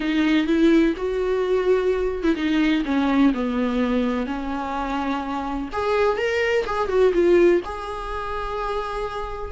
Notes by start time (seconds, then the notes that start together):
0.00 D#4
0.46 E4
0.97 F#4
2.23 E4
2.35 D#4
2.85 C#4
3.34 B3
4.26 C#4
5.72 G#4
6.17 A#4
6.66 G#4
6.88 F#4
7.13 F4
7.65 G#4